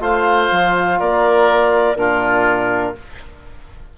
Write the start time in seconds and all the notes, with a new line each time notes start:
0.00 A3 F4 C5 F5
0.51 F3
0.99 A#3 A#4 D5
1.96 A#2 D4 F4 A#4